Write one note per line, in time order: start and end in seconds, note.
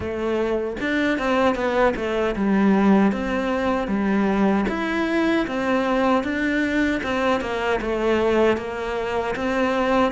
0.00 0.77 A3
0.80 1.18 D4
1.18 1.55 C4
1.55 1.94 B3
1.96 2.35 A3
2.35 3.12 G3
3.12 3.87 C4
3.87 4.65 G3
4.69 5.47 E4
5.47 6.23 C4
6.23 7.01 D4
7.03 7.41 C4
7.41 7.80 A#3
7.81 8.57 A3
8.57 9.35 A#3
9.35 10.12 C4